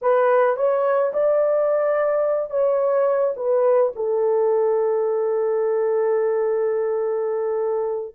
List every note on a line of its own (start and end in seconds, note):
0.01 0.56 B4
0.56 1.12 C#5
1.13 2.50 D5
2.50 3.34 C#5
3.36 3.92 B4
3.95 8.15 A4